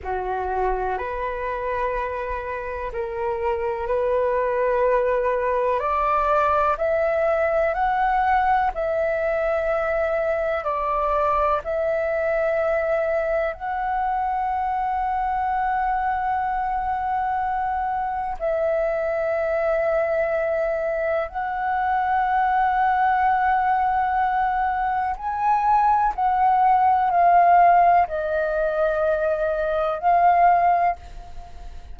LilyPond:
\new Staff \with { instrumentName = "flute" } { \time 4/4 \tempo 4 = 62 fis'4 b'2 ais'4 | b'2 d''4 e''4 | fis''4 e''2 d''4 | e''2 fis''2~ |
fis''2. e''4~ | e''2 fis''2~ | fis''2 gis''4 fis''4 | f''4 dis''2 f''4 | }